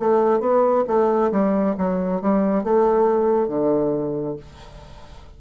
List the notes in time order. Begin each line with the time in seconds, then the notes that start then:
0.00 A3
0.41 B3
0.87 A3
1.32 G3
1.78 F#3
2.22 G3
2.64 A3
3.49 D3